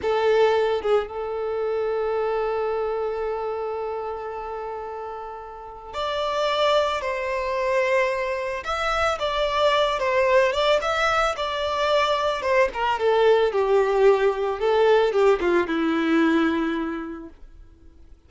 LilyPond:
\new Staff \with { instrumentName = "violin" } { \time 4/4 \tempo 4 = 111 a'4. gis'8 a'2~ | a'1~ | a'2. d''4~ | d''4 c''2. |
e''4 d''4. c''4 d''8 | e''4 d''2 c''8 ais'8 | a'4 g'2 a'4 | g'8 f'8 e'2. | }